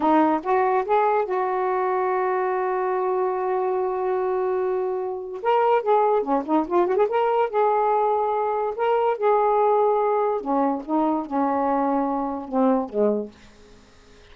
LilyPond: \new Staff \with { instrumentName = "saxophone" } { \time 4/4 \tempo 4 = 144 dis'4 fis'4 gis'4 fis'4~ | fis'1~ | fis'1~ | fis'4 ais'4 gis'4 cis'8 dis'8 |
f'8 fis'16 gis'16 ais'4 gis'2~ | gis'4 ais'4 gis'2~ | gis'4 cis'4 dis'4 cis'4~ | cis'2 c'4 gis4 | }